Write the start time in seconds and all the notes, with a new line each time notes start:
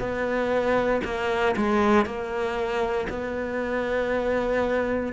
0.00 B3
1.05 A#3
1.57 G#3
2.06 A#3
3.10 B3